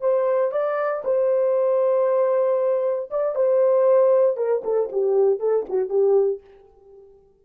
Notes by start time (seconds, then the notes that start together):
0.00 C5
0.51 D5
1.04 C5
3.10 D5
3.35 C5
4.37 A#4
4.64 A4
4.92 G4
5.39 A4
5.69 F#4
5.89 G4